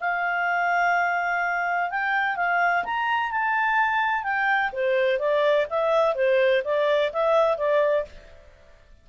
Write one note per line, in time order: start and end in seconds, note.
0.00 1.90 F5
1.90 2.36 G5
2.36 2.84 F5
2.84 3.31 A#5
3.31 4.23 A5
4.23 4.71 G5
4.72 5.19 C5
5.19 5.66 D5
5.69 6.15 E5
6.15 6.63 C5
6.64 7.11 D5
7.12 7.57 E5
7.57 8.05 D5